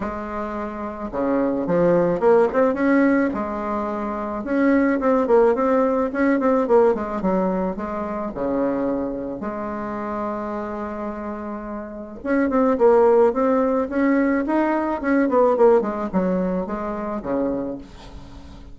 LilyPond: \new Staff \with { instrumentName = "bassoon" } { \time 4/4 \tempo 4 = 108 gis2 cis4 f4 | ais8 c'8 cis'4 gis2 | cis'4 c'8 ais8 c'4 cis'8 c'8 | ais8 gis8 fis4 gis4 cis4~ |
cis4 gis2.~ | gis2 cis'8 c'8 ais4 | c'4 cis'4 dis'4 cis'8 b8 | ais8 gis8 fis4 gis4 cis4 | }